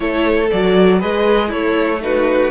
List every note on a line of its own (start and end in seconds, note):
0.00 0.50 A3
0.00 0.47 E4
0.00 0.98 A4
0.00 0.50 C#5
0.50 1.03 F#3
0.50 1.00 F#4
0.50 1.01 D5
0.98 1.52 G#3
0.98 1.50 G#4
0.98 1.47 B4
0.98 1.51 D#5
1.47 2.51 A3
1.47 1.98 E4
1.47 2.01 A4
1.47 2.01 C#5
2.01 2.51 D#4
2.01 2.51 F#4
2.01 2.51 B4